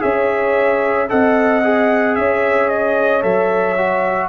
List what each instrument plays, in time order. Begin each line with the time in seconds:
0.00 tuba C#4, trombone G#4, horn C#5, trumpet E5
1.09 tuba C4, trombone A4, horn D#5, trumpet F#5
1.64 trombone G#4
2.16 tuba C#4, horn C#5, trumpet E5
2.69 trumpet D#5
3.22 tuba F#3, trombone A4, trumpet E5
3.78 trombone F#4